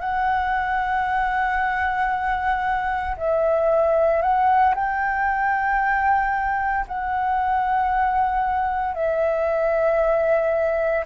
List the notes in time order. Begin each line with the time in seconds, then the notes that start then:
0.00 F#5
3.17 E5
4.22 F#5
4.75 G5
6.88 F#5
8.94 E5